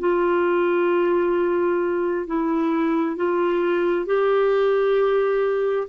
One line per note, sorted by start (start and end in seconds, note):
0.00 2.27 F4
2.27 3.17 E4
3.17 4.06 F4
4.06 5.88 G4